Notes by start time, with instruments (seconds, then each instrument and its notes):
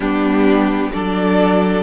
0.00 cello G3, viola B3, violin D4 G4
0.92 cello F#3, viola D4, violin A4 D5